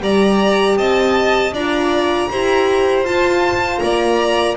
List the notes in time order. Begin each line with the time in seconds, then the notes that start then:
0.00 G3 G4 D5 A#5
0.77 C4 D#5 A5
1.52 D4 F4 D5 A#5
2.31 E4 G4 C5
3.04 F4 A5
3.79 A#3 D5 A#5